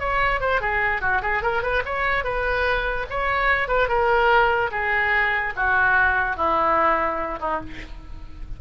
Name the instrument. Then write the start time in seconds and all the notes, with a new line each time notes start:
oboe
0.00 C#5
0.41 C5
0.61 G#4
1.02 F#4
1.22 G#4
1.43 A#4
1.63 B4
1.86 C#5
2.24 B4
3.10 C#5
3.69 B4
3.89 A#4
4.71 G#4
5.56 F#4
6.37 E4
7.40 D#4